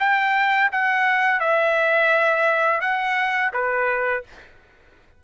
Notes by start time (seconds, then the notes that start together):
0.00 G5
0.73 F#5
1.41 E5
2.81 F#5
3.53 B4